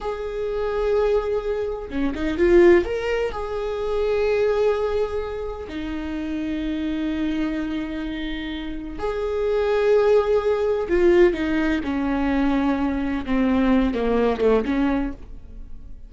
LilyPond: \new Staff \with { instrumentName = "viola" } { \time 4/4 \tempo 4 = 127 gis'1 | cis'8 dis'8 f'4 ais'4 gis'4~ | gis'1 | dis'1~ |
dis'2. gis'4~ | gis'2. f'4 | dis'4 cis'2. | c'4. ais4 a8 cis'4 | }